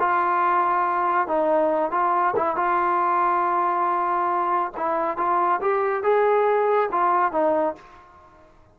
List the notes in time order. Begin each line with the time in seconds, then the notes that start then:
0.00 F4
1.28 D#4
1.91 F4
2.36 E4
2.56 F4
4.77 E4
5.18 F4
5.61 G4
6.03 G#4
6.92 F4
7.32 D#4